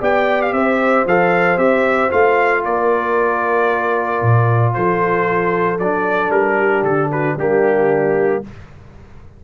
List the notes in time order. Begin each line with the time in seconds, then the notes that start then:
0.00 B3 G4 D5 G5
0.41 F5
0.52 C4 C5 E5
1.05 F3 A4 F5
1.57 C4 G4 E5
2.10 A3 F4 F5
2.64 A#3 A#4 D5
4.21 A#2
4.73 F3 A4 C5
5.78 F#3 D4 D5
6.29 G3 A#4
6.58 G4
6.82 D3 A4
7.10 F#4 B4
7.36 G3 A#3 D4 G4